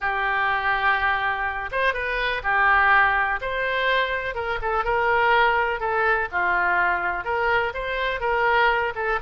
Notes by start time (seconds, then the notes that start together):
0.00 G4
1.71 C5
1.93 B4
2.43 G4
3.41 C5
4.35 A#4
4.61 A4
4.84 A#4
5.80 A4
6.31 F4
7.24 A#4
7.74 C5
8.20 A#4
8.95 A4